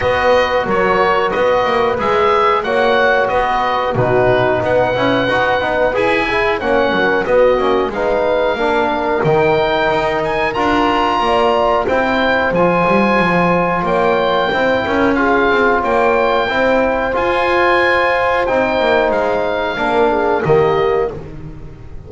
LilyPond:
<<
  \new Staff \with { instrumentName = "oboe" } { \time 4/4 \tempo 4 = 91 dis''4 cis''4 dis''4 e''4 | fis''4 dis''4 b'4 fis''4~ | fis''4 gis''4 fis''4 dis''4 | f''2 g''4. gis''8 |
ais''2 g''4 gis''4~ | gis''4 g''2 f''4 | g''2 gis''2 | g''4 f''2 dis''4 | }
  \new Staff \with { instrumentName = "horn" } { \time 4/4 b'4 ais'4 b'2 | cis''4 b'4 fis'4 b'4~ | b'4. gis'8 cis''8 ais'8 fis'4 | b'4 ais'2.~ |
ais'4 d''4 c''2~ | c''4 cis''4 c''8 ais'8 gis'4 | cis''4 c''2.~ | c''2 ais'8 gis'8 g'4 | }
  \new Staff \with { instrumentName = "trombone" } { \time 4/4 fis'2. gis'4 | fis'2 dis'4. e'8 | fis'8 dis'8 gis'8 e'8 cis'4 b8 cis'8 | dis'4 d'4 dis'2 |
f'2 e'4 f'4~ | f'2 e'4 f'4~ | f'4 e'4 f'2 | dis'2 d'4 ais4 | }
  \new Staff \with { instrumentName = "double bass" } { \time 4/4 b4 fis4 b8 ais8 gis4 | ais4 b4 b,4 b8 cis'8 | dis'8 b8 e'4 ais8 fis8 b8 ais8 | gis4 ais4 dis4 dis'4 |
d'4 ais4 c'4 f8 g8 | f4 ais4 c'8 cis'4 c'8 | ais4 c'4 f'2 | c'8 ais8 gis4 ais4 dis4 | }
>>